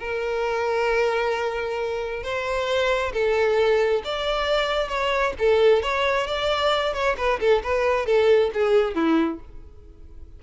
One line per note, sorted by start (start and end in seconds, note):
0.00 2.23 A#4
2.23 3.13 C5
3.13 4.03 A4
4.05 4.89 D5
4.89 5.34 C#5
5.39 5.83 A4
5.83 6.27 C#5
6.27 6.94 D5
6.94 7.17 C#5
7.18 7.40 B4
7.40 7.63 A4
7.64 8.07 B4
8.07 8.51 A4
8.54 8.95 G#4
8.95 9.40 E4